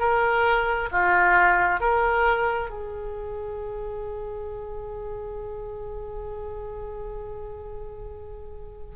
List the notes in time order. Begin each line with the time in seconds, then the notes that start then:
0.00 A#4
0.92 F4
1.81 A#4
2.70 G#4